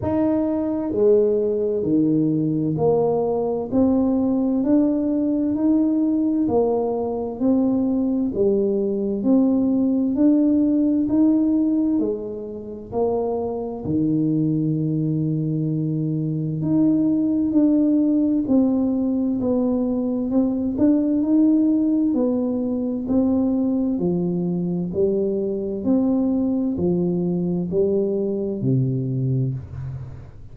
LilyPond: \new Staff \with { instrumentName = "tuba" } { \time 4/4 \tempo 4 = 65 dis'4 gis4 dis4 ais4 | c'4 d'4 dis'4 ais4 | c'4 g4 c'4 d'4 | dis'4 gis4 ais4 dis4~ |
dis2 dis'4 d'4 | c'4 b4 c'8 d'8 dis'4 | b4 c'4 f4 g4 | c'4 f4 g4 c4 | }